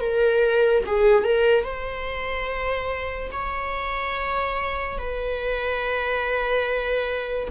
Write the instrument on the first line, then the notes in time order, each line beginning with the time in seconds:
viola
0.00 A#4
0.86 G#4
1.23 A#4
1.64 C5
3.31 C#5
4.98 B4